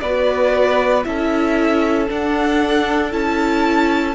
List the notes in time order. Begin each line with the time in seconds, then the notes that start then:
0.00 B3 F#4 B4 D5
1.04 C#4 E4 A4 E5
2.08 D4 F#5
3.11 C#4 E4 A5